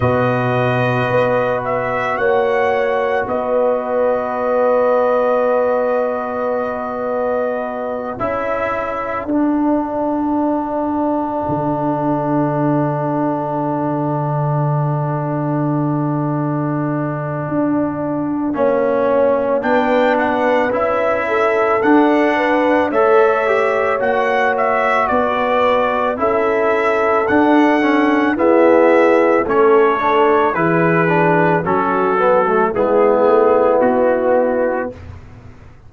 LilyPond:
<<
  \new Staff \with { instrumentName = "trumpet" } { \time 4/4 \tempo 4 = 55 dis''4. e''8 fis''4 dis''4~ | dis''2.~ dis''8 e''8~ | e''8 fis''2.~ fis''8~ | fis''1~ |
fis''2 g''8 fis''8 e''4 | fis''4 e''4 fis''8 e''8 d''4 | e''4 fis''4 e''4 cis''4 | b'4 a'4 gis'4 fis'4 | }
  \new Staff \with { instrumentName = "horn" } { \time 4/4 b'2 cis''4 b'4~ | b'2.~ b'8 a'8~ | a'1~ | a'1~ |
a'4 cis''4 b'4. a'8~ | a'8 b'8 cis''2 b'4 | a'2 gis'4 a'4 | gis'4 fis'4 e'2 | }
  \new Staff \with { instrumentName = "trombone" } { \time 4/4 fis'1~ | fis'2.~ fis'8 e'8~ | e'8 d'2.~ d'8~ | d'1~ |
d'4 cis'4 d'4 e'4 | d'4 a'8 g'8 fis'2 | e'4 d'8 cis'8 b4 cis'8 d'8 | e'8 d'8 cis'8 b16 a16 b2 | }
  \new Staff \with { instrumentName = "tuba" } { \time 4/4 b,4 b4 ais4 b4~ | b2.~ b8 cis'8~ | cis'8 d'2 d4.~ | d1 |
d'4 ais4 b4 cis'4 | d'4 a4 ais4 b4 | cis'4 d'4 e'4 a4 | e4 fis4 gis8 a8 b4 | }
>>